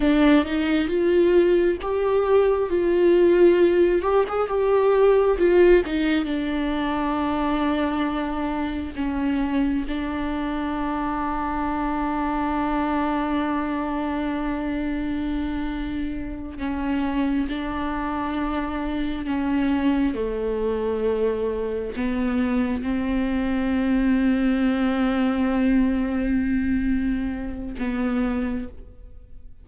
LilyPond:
\new Staff \with { instrumentName = "viola" } { \time 4/4 \tempo 4 = 67 d'8 dis'8 f'4 g'4 f'4~ | f'8 g'16 gis'16 g'4 f'8 dis'8 d'4~ | d'2 cis'4 d'4~ | d'1~ |
d'2~ d'8 cis'4 d'8~ | d'4. cis'4 a4.~ | a8 b4 c'2~ c'8~ | c'2. b4 | }